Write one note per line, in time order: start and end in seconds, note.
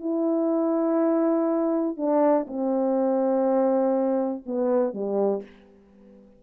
0.00 1.97 E4
1.97 2.46 D4
2.47 4.44 C4
4.46 4.94 B3
4.94 5.43 G3